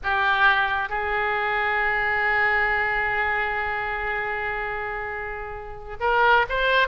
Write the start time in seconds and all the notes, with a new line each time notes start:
0.03 G4
0.89 G#4
5.99 A#4
6.49 C5